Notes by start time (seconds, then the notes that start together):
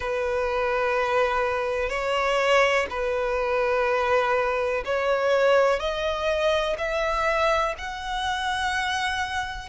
0.00 B4
1.89 C#5
2.89 B4
4.85 C#5
5.79 D#5
6.77 E5
7.78 F#5